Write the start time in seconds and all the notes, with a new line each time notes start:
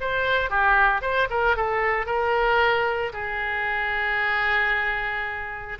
0.00 C5
0.50 G4
1.01 C5
1.30 A#4
1.56 A4
2.06 A#4
3.13 G#4